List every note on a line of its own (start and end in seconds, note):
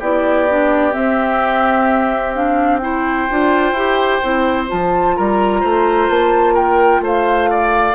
0.00 0.95 B3
0.00 0.49 E4
0.00 2.81 G4
0.00 0.94 D5
0.50 0.92 D4
0.92 2.33 C4
0.92 3.30 C4
0.92 2.34 E5
2.35 2.82 D4
2.35 2.78 F5
2.78 3.29 E4
2.78 5.17 C5
2.78 4.65 G5
3.31 3.72 D4
3.31 3.76 F4
3.72 4.19 E4
3.72 4.23 G4
4.23 4.71 C4
4.23 4.67 E4
4.67 5.19 F3
4.67 7.95 F4
4.67 5.17 A5
5.17 5.63 G3
5.17 5.61 A#4
5.17 6.10 A#5
5.61 6.09 A3
5.61 6.54 C5
6.09 7.01 A#3
6.09 6.56 A5
6.54 7.01 A#4
6.54 7.03 G5
7.01 7.94 A3
7.01 7.51 C5
7.07 7.95 F5
7.51 7.95 D5